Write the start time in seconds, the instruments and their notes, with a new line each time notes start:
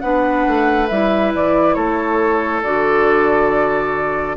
0.00 bassoon B3, clarinet D4, oboe B4, flute F#5
0.47 bassoon A3
0.88 bassoon G3, clarinet E4, flute E5
1.34 bassoon E3, flute D5
1.74 bassoon A3, oboe A4, flute C#5
2.63 bassoon D3, clarinet F#4, flute D5